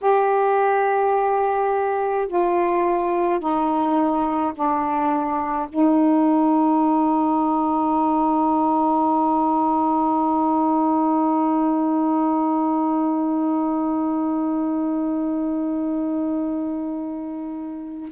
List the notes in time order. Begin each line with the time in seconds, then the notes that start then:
0.01 G4
2.27 F4
3.40 D#4
4.54 D4
5.69 D#4